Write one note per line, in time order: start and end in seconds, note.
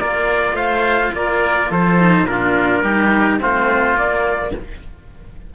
0.00 0.53 A#3
0.00 1.99 F4
0.00 0.56 A#4
0.00 0.57 D5
0.53 1.10 A3
0.53 1.12 C5
0.53 1.13 F5
1.14 1.70 A#3
1.14 1.71 A#4
1.14 1.72 D5
1.71 2.23 F3
1.71 2.27 A4
1.71 2.27 C5
1.99 2.28 D#4
2.23 2.80 A#2
2.23 2.84 D4
2.23 3.40 A#4
2.30 2.83 F4
2.83 3.39 G3
2.83 3.41 D#4
2.83 3.40 G4
3.41 3.97 A3
3.41 3.95 C4
3.41 4.54 F4
3.41 3.98 C5
3.95 4.52 A#3
3.95 4.54 A#3
3.95 4.55 D5